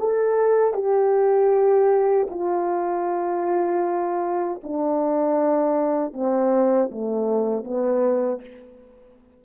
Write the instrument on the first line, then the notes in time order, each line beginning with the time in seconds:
horn
0.00 A4
0.74 G4
2.30 F4
4.64 D4
6.14 C4
6.92 A3
7.64 B3